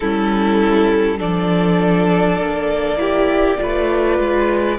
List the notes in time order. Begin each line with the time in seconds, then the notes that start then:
0.00 G3 C#4 E4 A4
1.18 F3 D4 A4 D5
2.37 A#3
2.97 E4 G4
3.57 A3 F4 B4
4.19 G#3